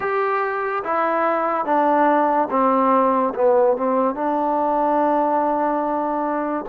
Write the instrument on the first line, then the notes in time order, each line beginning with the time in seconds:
trombone
0.00 G4
0.83 E4
1.65 D4
2.50 C4
3.34 B3
3.77 C4
4.14 D4